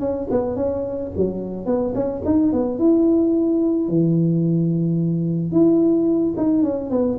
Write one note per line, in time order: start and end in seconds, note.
0.00 0.28 C#4
0.31 0.56 B3
0.56 1.11 C#4
1.17 1.66 F#3
1.66 1.94 B3
1.94 2.22 C#4
2.25 2.53 D#4
2.53 2.78 B3
2.78 3.88 E4
3.88 5.52 E3
5.52 6.35 E4
6.37 6.63 D#4
6.63 6.90 C#4
6.90 7.18 B3